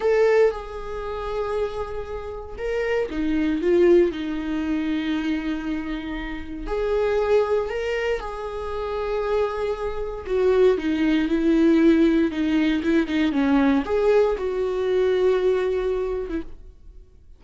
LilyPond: \new Staff \with { instrumentName = "viola" } { \time 4/4 \tempo 4 = 117 a'4 gis'2.~ | gis'4 ais'4 dis'4 f'4 | dis'1~ | dis'4 gis'2 ais'4 |
gis'1 | fis'4 dis'4 e'2 | dis'4 e'8 dis'8 cis'4 gis'4 | fis'2.~ fis'8. e'16 | }